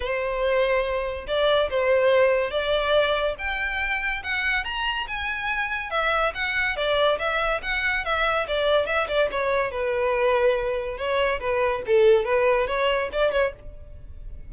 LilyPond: \new Staff \with { instrumentName = "violin" } { \time 4/4 \tempo 4 = 142 c''2. d''4 | c''2 d''2 | g''2 fis''4 ais''4 | gis''2 e''4 fis''4 |
d''4 e''4 fis''4 e''4 | d''4 e''8 d''8 cis''4 b'4~ | b'2 cis''4 b'4 | a'4 b'4 cis''4 d''8 cis''8 | }